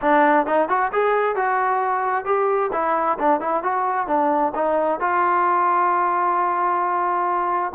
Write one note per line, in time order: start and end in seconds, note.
0.01 0.46 D4
0.46 0.68 D#4
0.68 0.91 F#4
0.92 1.35 G#4
1.35 2.25 F#4
2.25 2.70 G4
2.72 3.18 E4
3.18 3.40 D4
3.40 3.63 E4
3.63 4.07 F#4
4.07 4.52 D4
4.55 5.00 D#4
5.00 7.72 F4